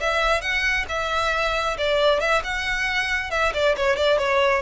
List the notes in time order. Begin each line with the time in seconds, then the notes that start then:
0.00 E5
0.41 F#5
0.89 E5
1.77 D5
2.20 E5
2.43 F#5
3.30 E5
3.53 D5
3.76 C#5
3.96 D5
4.18 C#5